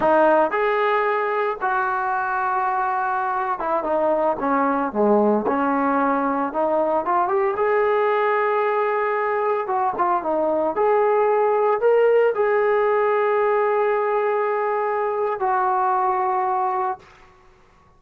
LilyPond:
\new Staff \with { instrumentName = "trombone" } { \time 4/4 \tempo 4 = 113 dis'4 gis'2 fis'4~ | fis'2~ fis'8. e'8 dis'8.~ | dis'16 cis'4 gis4 cis'4.~ cis'16~ | cis'16 dis'4 f'8 g'8 gis'4.~ gis'16~ |
gis'2~ gis'16 fis'8 f'8 dis'8.~ | dis'16 gis'2 ais'4 gis'8.~ | gis'1~ | gis'4 fis'2. | }